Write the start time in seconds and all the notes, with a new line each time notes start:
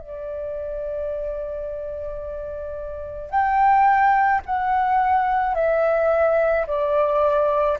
0.00 D5
3.30 G5
4.45 F#5
5.55 E5
6.67 D5